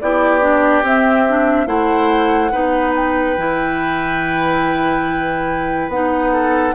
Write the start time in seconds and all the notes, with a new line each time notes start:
0.00 B3 E4 G4 D5
0.41 D4
0.82 C4 E5
1.27 D4
1.66 A3 E4 C5 F#5
2.51 B3 D#4 B4
2.94 G5
3.37 E3 E4
5.88 B3 D#4 F#5
6.32 A4